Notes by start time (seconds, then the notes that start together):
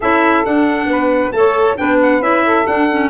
0.00 C#4 E4 A4 E5
0.44 D4 F#5
0.85 B3 B4
1.31 A3 A4 C#5 A5
1.77 B3 D4 B4 G5
2.02 F#5
2.20 C#4 E4 E5
2.44 A4
2.66 D4 F#5
2.91 C#4